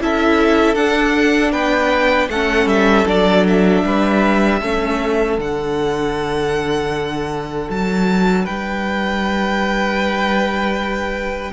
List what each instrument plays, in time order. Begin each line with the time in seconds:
0.00 cello C#4, viola E4, violin A4 E5
0.75 cello D4, viola D4, violin F#5
1.52 cello B3, violin B4 G5
2.29 cello A3, viola C#4, violin A4 F#5
2.66 cello G3, violin E5
3.07 cello F#3, viola D4, violin D5
3.47 violin E5
3.85 cello G3, violin B4
4.60 cello A3, viola C#4, violin A4
5.38 cello D3, viola D4, violin F#5
7.70 cello F#3, violin A5
8.44 cello G3, violin B4 G5